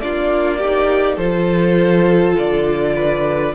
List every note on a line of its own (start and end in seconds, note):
0.00 1.16 A#3
0.00 0.61 D4
0.00 0.58 F4
0.00 1.17 D5
0.58 1.20 D#4
0.58 1.16 G4
1.16 2.34 F3
1.16 3.54 F4
1.16 2.92 A4
1.16 2.35 C5
2.38 3.54 D3
2.38 3.54 D5
2.95 3.54 B4